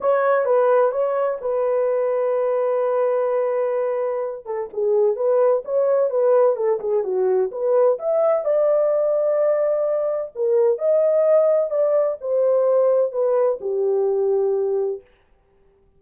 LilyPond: \new Staff \with { instrumentName = "horn" } { \time 4/4 \tempo 4 = 128 cis''4 b'4 cis''4 b'4~ | b'1~ | b'4. a'8 gis'4 b'4 | cis''4 b'4 a'8 gis'8 fis'4 |
b'4 e''4 d''2~ | d''2 ais'4 dis''4~ | dis''4 d''4 c''2 | b'4 g'2. | }